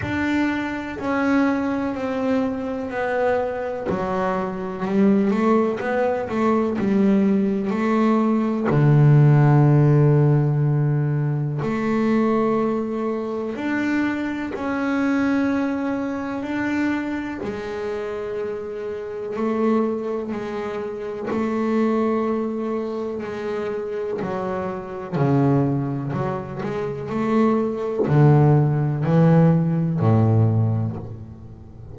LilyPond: \new Staff \with { instrumentName = "double bass" } { \time 4/4 \tempo 4 = 62 d'4 cis'4 c'4 b4 | fis4 g8 a8 b8 a8 g4 | a4 d2. | a2 d'4 cis'4~ |
cis'4 d'4 gis2 | a4 gis4 a2 | gis4 fis4 cis4 fis8 gis8 | a4 d4 e4 a,4 | }